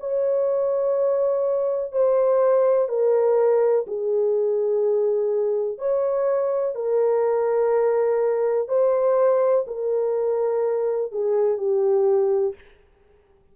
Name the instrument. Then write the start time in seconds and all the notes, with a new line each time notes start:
horn
0.00 C#5
1.92 C5
2.89 A#4
3.87 G#4
5.78 C#5
6.75 A#4
8.68 C5
9.67 A#4
11.12 G#4
11.58 G4